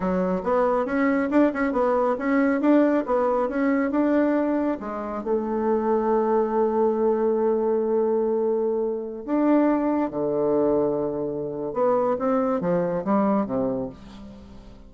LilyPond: \new Staff \with { instrumentName = "bassoon" } { \time 4/4 \tempo 4 = 138 fis4 b4 cis'4 d'8 cis'8 | b4 cis'4 d'4 b4 | cis'4 d'2 gis4 | a1~ |
a1~ | a4~ a16 d'2 d8.~ | d2. b4 | c'4 f4 g4 c4 | }